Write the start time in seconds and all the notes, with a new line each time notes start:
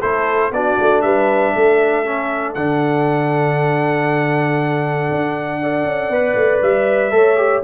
0.00 A3 E4 A4 C5
0.51 B3 D4 F#4 D5
0.80 A3
1.01 G3 B4 E5
1.54 A3 A4
2.04 C#4
2.54 D3 D4 F#5
5.10 D4
5.61 A4 D5
5.84 C#4
6.09 B3 B4
6.35 A3
6.62 G3 E5
7.11 A3 A4 C#5
7.36 G4